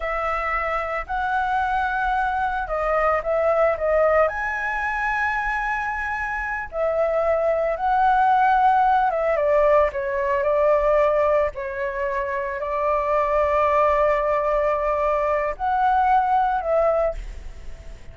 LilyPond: \new Staff \with { instrumentName = "flute" } { \time 4/4 \tempo 4 = 112 e''2 fis''2~ | fis''4 dis''4 e''4 dis''4 | gis''1~ | gis''8 e''2 fis''4.~ |
fis''4 e''8 d''4 cis''4 d''8~ | d''4. cis''2 d''8~ | d''1~ | d''4 fis''2 e''4 | }